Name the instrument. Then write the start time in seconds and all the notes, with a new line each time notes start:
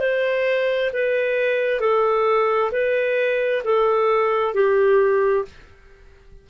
clarinet
0.00 C5
0.93 B4
1.81 A4
2.72 B4
3.64 A4
4.54 G4